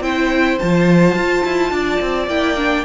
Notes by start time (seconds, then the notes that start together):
0.00 C4 E4 C5 G5
0.59 F3 F4 A5
1.14 F4
1.45 E4
1.71 D4 D5
2.00 C4
2.27 A#3 E4 G5
2.57 D4